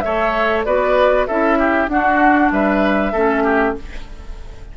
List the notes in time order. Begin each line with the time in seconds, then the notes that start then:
0.00 A3 A4 C#5 E5
0.64 B3 F#4 B4 D5
1.26 C#4 E4 A4 E5
1.58 G4
1.88 D4 F#4 F#5
2.51 G3 B4 E5
3.12 A3 C#4 A4
3.43 G4